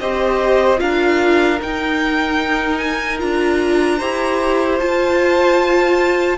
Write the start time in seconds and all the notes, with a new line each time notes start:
0.00 C4 G4 C5 D#5
0.78 D4 F4 A#4 F5
1.63 D#4 G5
2.78 G#5
3.19 D4 F4 A#5
3.98 E4 G4 C5
4.80 F4 A5